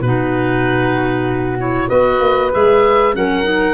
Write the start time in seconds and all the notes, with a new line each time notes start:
0.00 B2 D#4 F#4 B4
1.58 E4 C#5
1.89 B3 F#4 B4 D#5
2.19 A#3
2.51 G#3 G#4 E5
3.13 F#3 C#4 A#4 F#5
3.43 D#4